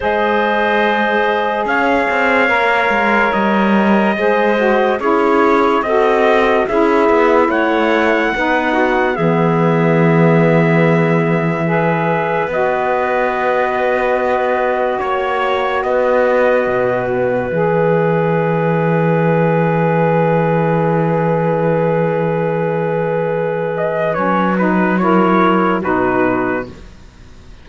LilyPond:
<<
  \new Staff \with { instrumentName = "trumpet" } { \time 4/4 \tempo 4 = 72 dis''2 f''2 | dis''2 cis''4 dis''4 | e''4 fis''2 e''4~ | e''2. dis''4~ |
dis''2 cis''4 dis''4~ | dis''8 e''2.~ e''8~ | e''1~ | e''8 dis''8 cis''8 b'8 cis''4 b'4 | }
  \new Staff \with { instrumentName = "clarinet" } { \time 4/4 c''2 cis''2~ | cis''4 c''4 gis'4 a'4 | gis'4 cis''4 b'8 fis'8 gis'4~ | gis'2 b'2~ |
b'2 cis''4 b'4~ | b'1~ | b'1~ | b'2 ais'4 fis'4 | }
  \new Staff \with { instrumentName = "saxophone" } { \time 4/4 gis'2. ais'4~ | ais'4 gis'8 fis'8 e'4 fis'4 | e'2 dis'4 b4~ | b2 gis'4 fis'4~ |
fis'1~ | fis'4 gis'2.~ | gis'1~ | gis'4 cis'8 dis'8 e'4 dis'4 | }
  \new Staff \with { instrumentName = "cello" } { \time 4/4 gis2 cis'8 c'8 ais8 gis8 | g4 gis4 cis'4 c'4 | cis'8 b8 a4 b4 e4~ | e2. b4~ |
b2 ais4 b4 | b,4 e2.~ | e1~ | e4 fis2 b,4 | }
>>